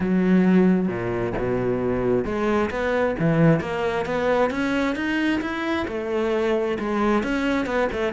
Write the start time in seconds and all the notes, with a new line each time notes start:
0.00 F#3
0.88 A#2
1.38 B2
2.24 G#3
2.70 B3
3.19 E3
3.60 A#3
4.05 B3
4.50 C#4
4.95 D#4
5.41 E4
5.87 A3
6.79 G#3
7.23 C#4
7.65 B3
7.92 A3